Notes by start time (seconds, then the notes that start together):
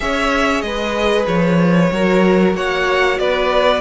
0.00 C#4 G#4 C#5 E5
0.61 G#3 B4 D#5
1.27 F3 C#5
1.92 F#3 F#4 A#4
2.54 A#3 C#5 F#5
3.18 B3 B4 D5